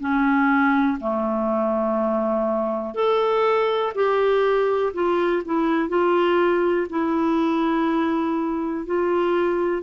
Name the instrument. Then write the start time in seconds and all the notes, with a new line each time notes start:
clarinet
0.00 C#4
1.00 A3
2.94 A4
3.94 G4
4.93 F4
5.45 E4
5.88 F4
6.89 E4
8.86 F4